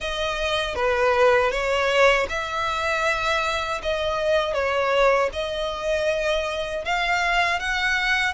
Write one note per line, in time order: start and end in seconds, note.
0.00 0.75 D#5
0.75 1.51 B4
1.51 2.26 C#5
2.29 3.81 E5
3.82 4.53 D#5
4.53 5.29 C#5
5.33 6.84 D#5
6.84 7.59 F5
7.59 8.33 F#5